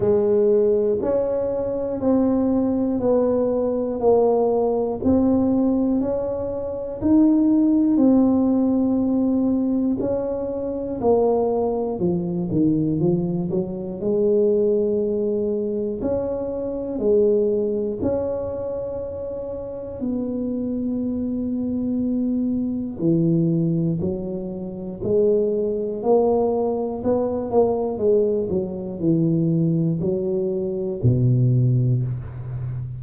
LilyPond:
\new Staff \with { instrumentName = "tuba" } { \time 4/4 \tempo 4 = 60 gis4 cis'4 c'4 b4 | ais4 c'4 cis'4 dis'4 | c'2 cis'4 ais4 | f8 dis8 f8 fis8 gis2 |
cis'4 gis4 cis'2 | b2. e4 | fis4 gis4 ais4 b8 ais8 | gis8 fis8 e4 fis4 b,4 | }